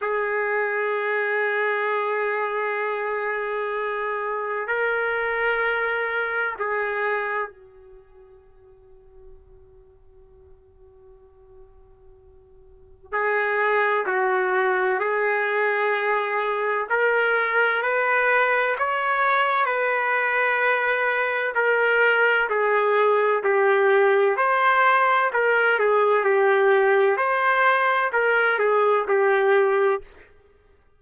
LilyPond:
\new Staff \with { instrumentName = "trumpet" } { \time 4/4 \tempo 4 = 64 gis'1~ | gis'4 ais'2 gis'4 | fis'1~ | fis'2 gis'4 fis'4 |
gis'2 ais'4 b'4 | cis''4 b'2 ais'4 | gis'4 g'4 c''4 ais'8 gis'8 | g'4 c''4 ais'8 gis'8 g'4 | }